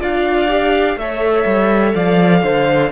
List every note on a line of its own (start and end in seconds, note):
0.00 0.96 D4
0.00 0.49 F4
0.00 0.97 D5
0.00 0.99 F5
0.49 0.97 G4
0.96 1.45 A3
0.96 2.92 A4
0.96 1.95 C#5
0.96 1.95 E5
1.46 1.94 G3
1.95 2.43 F3
1.95 2.44 D5
1.95 2.92 F5
2.43 2.92 D3
2.43 2.92 C5